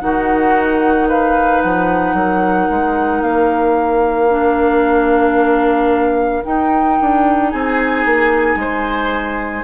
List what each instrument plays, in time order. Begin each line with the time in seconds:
0.00 bassoon D#3, clarinet D#4, oboe F#4, flute F#5
1.08 oboe B4, flute F5
1.62 bassoon F3, flute F#5
2.14 bassoon F#3, oboe A#4
2.71 bassoon G#3
3.22 bassoon A#3, flute F5
4.29 clarinet D4
6.44 clarinet D#4, bassoon D#4, flute G5
7.01 bassoon D4
7.51 bassoon C4, oboe G#4, flute G#5
8.05 bassoon A#3
8.56 bassoon G#3, oboe C5